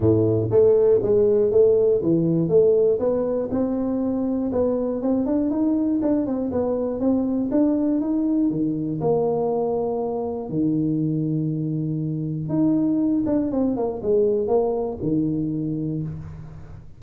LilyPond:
\new Staff \with { instrumentName = "tuba" } { \time 4/4 \tempo 4 = 120 a,4 a4 gis4 a4 | e4 a4 b4 c'4~ | c'4 b4 c'8 d'8 dis'4 | d'8 c'8 b4 c'4 d'4 |
dis'4 dis4 ais2~ | ais4 dis2.~ | dis4 dis'4. d'8 c'8 ais8 | gis4 ais4 dis2 | }